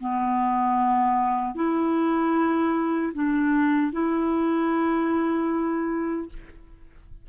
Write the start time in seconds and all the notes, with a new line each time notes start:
0.00 B3
1.55 E4
3.14 D4
3.92 E4